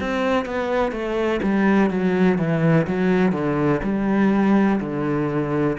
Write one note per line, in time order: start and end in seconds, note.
0.00 0.45 C4
0.45 0.92 B3
0.92 1.40 A3
1.43 1.90 G3
1.90 2.38 F#3
2.38 2.87 E3
2.87 3.32 F#3
3.32 3.80 D3
3.83 4.79 G3
4.80 5.77 D3